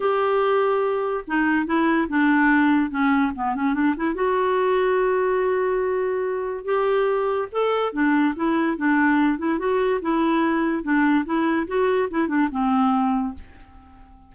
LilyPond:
\new Staff \with { instrumentName = "clarinet" } { \time 4/4 \tempo 4 = 144 g'2. dis'4 | e'4 d'2 cis'4 | b8 cis'8 d'8 e'8 fis'2~ | fis'1 |
g'2 a'4 d'4 | e'4 d'4. e'8 fis'4 | e'2 d'4 e'4 | fis'4 e'8 d'8 c'2 | }